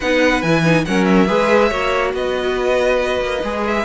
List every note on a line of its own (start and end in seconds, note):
0.00 0.42 B3
0.00 0.45 D#4
0.00 0.85 B4
0.00 0.42 F#5
0.42 0.85 E3
0.42 0.64 E4
0.42 0.84 G#5
0.64 0.86 D#4
0.85 1.29 F#3
0.85 1.27 C#4
0.85 1.27 A#4
0.85 1.04 F#5
1.04 2.11 E5
1.27 1.71 G#3
1.27 1.70 G#4
1.27 1.69 B4
1.69 2.13 A#3
1.69 3.41 F#4
1.69 2.11 C#5
2.13 3.20 B3
2.13 3.85 B4
2.13 3.65 D#5
3.21 3.42 A#3
3.43 3.85 G#3
3.43 3.85 G#4
3.67 3.85 E5